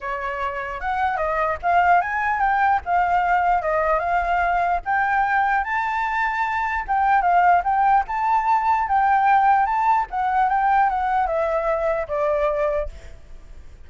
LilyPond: \new Staff \with { instrumentName = "flute" } { \time 4/4 \tempo 4 = 149 cis''2 fis''4 dis''4 | f''4 gis''4 g''4 f''4~ | f''4 dis''4 f''2 | g''2 a''2~ |
a''4 g''4 f''4 g''4 | a''2 g''2 | a''4 fis''4 g''4 fis''4 | e''2 d''2 | }